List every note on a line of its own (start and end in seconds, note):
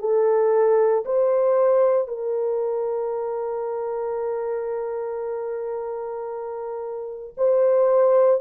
0.00 1.05 A4
1.06 2.08 C5
2.08 7.34 A#4
7.37 8.41 C5